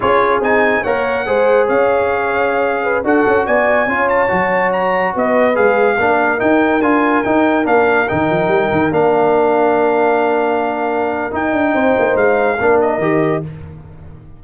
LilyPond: <<
  \new Staff \with { instrumentName = "trumpet" } { \time 4/4 \tempo 4 = 143 cis''4 gis''4 fis''2 | f''2.~ f''16 fis''8.~ | fis''16 gis''4. a''4. ais''8.~ | ais''16 dis''4 f''2 g''8.~ |
g''16 gis''4 g''4 f''4 g''8.~ | g''4~ g''16 f''2~ f''8.~ | f''2. g''4~ | g''4 f''4. dis''4. | }
  \new Staff \with { instrumentName = "horn" } { \time 4/4 gis'2 cis''4 c''4 | cis''2~ cis''8. b'8 a'8.~ | a'16 d''4 cis''2~ cis''8.~ | cis''16 b'2 ais'4.~ ais'16~ |
ais'1~ | ais'1~ | ais'1 | c''2 ais'2 | }
  \new Staff \with { instrumentName = "trombone" } { \time 4/4 f'4 dis'4 ais'4 gis'4~ | gis'2.~ gis'16 fis'8.~ | fis'4~ fis'16 f'4 fis'4.~ fis'16~ | fis'4~ fis'16 gis'4 d'4 dis'8.~ |
dis'16 f'4 dis'4 d'4 dis'8.~ | dis'4~ dis'16 d'2~ d'8.~ | d'2. dis'4~ | dis'2 d'4 g'4 | }
  \new Staff \with { instrumentName = "tuba" } { \time 4/4 cis'4 c'4 ais4 gis4 | cis'2.~ cis'16 d'8 cis'16~ | cis'16 b4 cis'4 fis4.~ fis16~ | fis16 b4 gis4 ais4 dis'8.~ |
dis'16 d'4 dis'4 ais4 dis8 f16~ | f16 g8 dis8 ais2~ ais8.~ | ais2. dis'8 d'8 | c'8 ais8 gis4 ais4 dis4 | }
>>